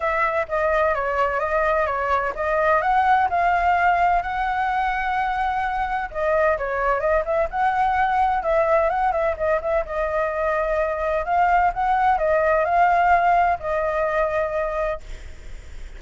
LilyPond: \new Staff \with { instrumentName = "flute" } { \time 4/4 \tempo 4 = 128 e''4 dis''4 cis''4 dis''4 | cis''4 dis''4 fis''4 f''4~ | f''4 fis''2.~ | fis''4 dis''4 cis''4 dis''8 e''8 |
fis''2 e''4 fis''8 e''8 | dis''8 e''8 dis''2. | f''4 fis''4 dis''4 f''4~ | f''4 dis''2. | }